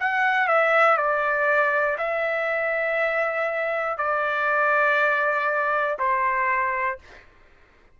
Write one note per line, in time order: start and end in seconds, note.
0.00 0.47 F#5
0.47 0.97 E5
0.97 1.97 D5
1.98 3.98 E5
3.98 5.98 D5
5.98 6.98 C5